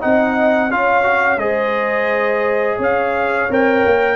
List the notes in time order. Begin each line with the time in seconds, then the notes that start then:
0.00 C4 D#4 D#5 F#5
0.70 C#4 F4 C#5 F5
1.03 F#4
1.37 G#3 G#4 C5 D#5
2.76 C#4 C#5
2.83 F5
3.50 C4 A#4 G5
3.85 A#3